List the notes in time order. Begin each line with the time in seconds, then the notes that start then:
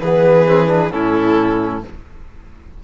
0.00 E3 B3 G#4 B4
0.46 C4
0.67 D4
0.91 A2 C#4 E4 A4